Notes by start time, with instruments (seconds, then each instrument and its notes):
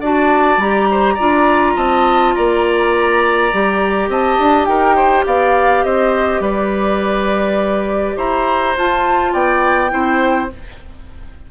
0.00 bassoon D4, clarinet F#4, oboe D5, flute A5
0.57 bassoon G3, clarinet G4, flute A#5
0.91 oboe C5
1.14 clarinet F4, oboe D5
1.20 bassoon D4
1.76 bassoon C4, oboe D#5, flute A5
2.34 bassoon A#3, oboe D5, flute A#5
3.52 bassoon G3, clarinet G4
4.08 bassoon C4, oboe D#5, flute A5
4.38 bassoon D4
4.65 bassoon D#4, oboe A#4, flute G5
4.95 oboe C5
5.26 bassoon B3, oboe D5, flute F5
5.83 bassoon C4, oboe C5, flute D#5
6.40 bassoon G3, oboe B4, flute D5
8.16 bassoon E4, oboe C5, flute A#5
8.76 bassoon F4, clarinet F4, flute A5
9.32 bassoon B3, oboe D5, flute G5
9.89 bassoon C4, clarinet E4, oboe C5